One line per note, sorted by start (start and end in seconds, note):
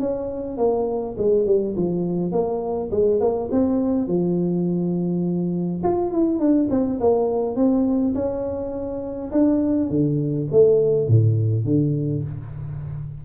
0.00 0.58 C#4
0.58 1.16 A#3
1.18 1.46 G#3
1.46 1.75 G3
1.76 2.32 F3
2.32 2.90 A#3
2.91 3.20 G#3
3.20 3.50 A#3
3.51 4.08 C4
4.08 5.82 F3
5.83 6.12 F4
6.12 6.39 E4
6.39 6.69 D4
6.70 6.99 C4
7.00 7.56 A#3
7.56 8.14 C4
8.14 9.31 C#4
9.32 9.90 D4
9.90 10.48 D3
10.52 11.08 A3
11.08 11.65 A2
11.65 12.23 D3